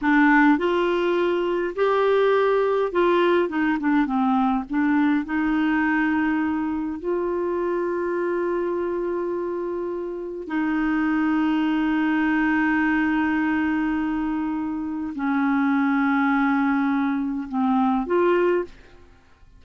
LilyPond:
\new Staff \with { instrumentName = "clarinet" } { \time 4/4 \tempo 4 = 103 d'4 f'2 g'4~ | g'4 f'4 dis'8 d'8 c'4 | d'4 dis'2. | f'1~ |
f'2 dis'2~ | dis'1~ | dis'2 cis'2~ | cis'2 c'4 f'4 | }